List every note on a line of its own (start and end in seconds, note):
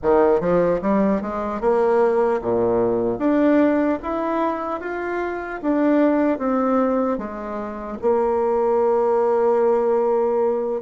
0.02 0.40 D#3
0.40 0.80 F3
0.81 1.21 G3
1.21 1.60 G#3
1.60 2.40 A#3
2.41 3.19 A#2
3.19 3.99 D4
4.03 4.80 E4
4.80 5.60 F4
5.62 6.38 D4
6.38 7.17 C4
7.17 7.97 G#3
8.01 10.81 A#3